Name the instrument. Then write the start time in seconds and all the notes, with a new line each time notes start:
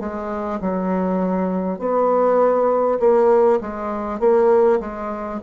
bassoon
0.00 G#3
0.61 F#3
1.79 B3
2.99 A#3
3.61 G#3
4.19 A#3
4.80 G#3